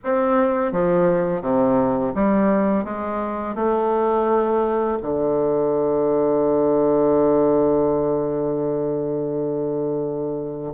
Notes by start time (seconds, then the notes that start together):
0.04 C4
0.72 F3
1.41 C3
2.14 G3
2.84 G#3
3.55 A3
5.02 D3